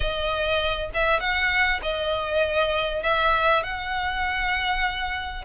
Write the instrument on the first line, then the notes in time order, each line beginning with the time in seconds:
violin
0.00 D#5
0.93 E5
1.20 F#5
1.82 D#5
3.02 E5
3.63 F#5